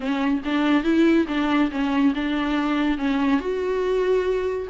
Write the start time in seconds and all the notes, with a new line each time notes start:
0.00 C#4
0.44 D4
0.83 E4
1.28 D4
1.71 C#4
2.15 D4
2.98 C#4
3.39 F#4